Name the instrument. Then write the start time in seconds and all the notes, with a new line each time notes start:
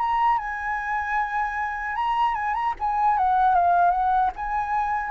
flute
0.00 A#5
0.38 G#5
1.96 A#5
2.34 G#5
2.54 A#5
2.80 G#5
3.18 F#5
3.55 F5
3.91 F#5
4.36 G#5